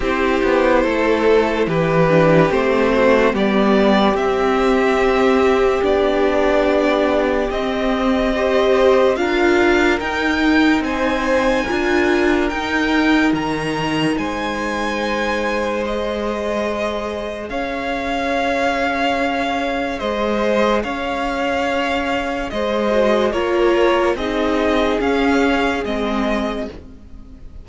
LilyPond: <<
  \new Staff \with { instrumentName = "violin" } { \time 4/4 \tempo 4 = 72 c''2 b'4 c''4 | d''4 e''2 d''4~ | d''4 dis''2 f''4 | g''4 gis''2 g''4 |
ais''4 gis''2 dis''4~ | dis''4 f''2. | dis''4 f''2 dis''4 | cis''4 dis''4 f''4 dis''4 | }
  \new Staff \with { instrumentName = "violin" } { \time 4/4 g'4 a'4 g'4. fis'8 | g'1~ | g'2 c''4 ais'4~ | ais'4 c''4 ais'2~ |
ais'4 c''2.~ | c''4 cis''2. | c''4 cis''2 c''4 | ais'4 gis'2. | }
  \new Staff \with { instrumentName = "viola" } { \time 4/4 e'2~ e'8 d'8 c'4 | b4 c'2 d'4~ | d'4 c'4 g'4 f'4 | dis'2 f'4 dis'4~ |
dis'2. gis'4~ | gis'1~ | gis'2.~ gis'8 fis'8 | f'4 dis'4 cis'4 c'4 | }
  \new Staff \with { instrumentName = "cello" } { \time 4/4 c'8 b8 a4 e4 a4 | g4 c'2 b4~ | b4 c'2 d'4 | dis'4 c'4 d'4 dis'4 |
dis4 gis2.~ | gis4 cis'2. | gis4 cis'2 gis4 | ais4 c'4 cis'4 gis4 | }
>>